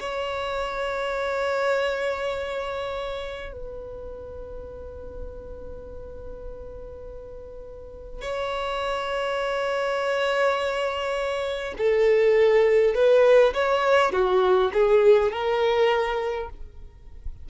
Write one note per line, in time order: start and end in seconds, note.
0.00 3.53 C#5
3.53 8.21 B4
8.21 11.74 C#5
11.78 12.95 A4
12.95 13.53 B4
13.54 14.12 C#5
14.12 14.71 F#4
14.73 15.32 G#4
15.32 16.49 A#4